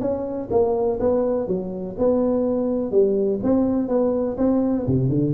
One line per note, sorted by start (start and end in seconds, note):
0.00 0.48 C#4
0.50 0.99 A#3
0.99 1.47 B3
1.47 1.96 F#3
1.98 2.91 B3
2.91 3.39 G3
3.43 3.88 C4
3.88 4.36 B3
4.37 4.86 C4
4.86 5.09 C3
5.09 5.33 D3